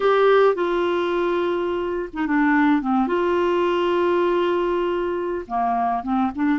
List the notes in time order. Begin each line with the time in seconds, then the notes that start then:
0.00 G4
0.55 F4
2.13 D#4
2.26 D4
2.81 C4
3.07 F4
5.47 A#3
6.03 C4
6.35 D4